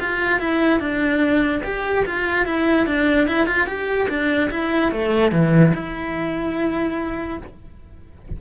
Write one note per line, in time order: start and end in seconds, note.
0.00 0.40 F4
0.40 0.80 E4
0.80 1.62 D4
1.64 2.05 G4
2.05 2.46 F4
2.46 2.87 E4
2.87 3.28 D4
3.28 3.46 E4
3.46 3.67 F4
3.67 4.08 G4
4.09 4.50 D4
4.51 4.92 E4
4.92 5.32 A3
5.32 5.73 E3
5.74 7.38 E4